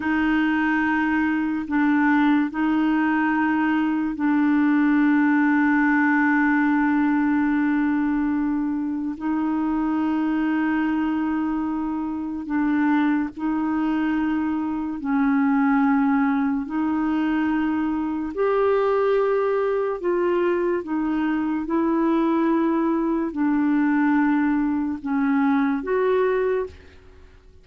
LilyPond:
\new Staff \with { instrumentName = "clarinet" } { \time 4/4 \tempo 4 = 72 dis'2 d'4 dis'4~ | dis'4 d'2.~ | d'2. dis'4~ | dis'2. d'4 |
dis'2 cis'2 | dis'2 g'2 | f'4 dis'4 e'2 | d'2 cis'4 fis'4 | }